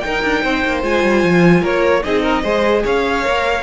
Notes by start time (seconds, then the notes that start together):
0.00 D#4 A#4 G5
0.23 D4
0.43 C4 C5
0.64 A#3
0.83 G#3 F4 G#5
1.03 G3
1.23 F3
1.61 A#3 A#4 C#5
2.03 C4 D#4 G#4 D#5
2.22 A#4
2.43 G#3 G#4 C5
2.84 C#4 C#5 F5
3.23 A#3 A#4